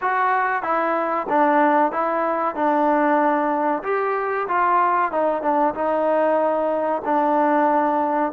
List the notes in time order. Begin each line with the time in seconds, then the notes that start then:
0.01 F#4
0.62 E4
1.29 D4
1.91 E4
2.55 D4
3.83 G4
4.48 F4
5.11 D#4
5.42 D4
5.74 D#4
7.04 D4